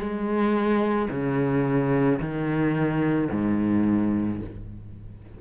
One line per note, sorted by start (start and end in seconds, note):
0.00 1.09 G#3
1.11 2.20 C#3
2.20 3.29 D#3
3.32 4.41 G#2